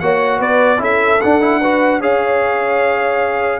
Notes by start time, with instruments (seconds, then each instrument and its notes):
0.00 tuba A#3, trombone F#4, horn C#5, trumpet F#5
0.38 tuba B3, horn B4, trumpet D5
0.78 tuba C#4, trombone E4, horn A4, trumpet E5
1.21 trombone D4, tuba D4, trumpet F#5
1.41 trombone E4
1.61 trombone F#4, horn B4
2.00 tuba C#4, trombone G#4, horn C#5, trumpet F5